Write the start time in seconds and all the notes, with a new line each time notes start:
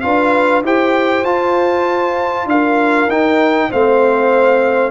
0.00 D4 F4 B4 F5
0.62 E4 G4 C5 G5
1.23 F4 A5
2.45 D4 A#4 F5
3.07 D#4 G5
3.68 A3 C4 C5 F5